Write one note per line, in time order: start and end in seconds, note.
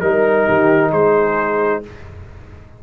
0.00 0.48 G3
0.00 1.83 D#4
0.00 0.91 A#4
0.00 0.47 A#4
0.47 0.92 D#3
0.47 0.91 G4
0.91 1.83 G#3
0.91 1.81 G#4
0.91 1.83 C5